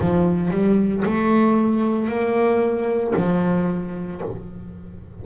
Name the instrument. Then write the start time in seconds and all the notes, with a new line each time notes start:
double bass
0.00 F3
0.50 G3
1.05 A3
2.08 A#3
3.16 F3